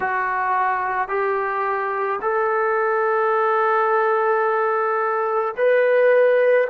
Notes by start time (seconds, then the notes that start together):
0.00 F#4
1.08 G4
2.21 A4
5.56 B4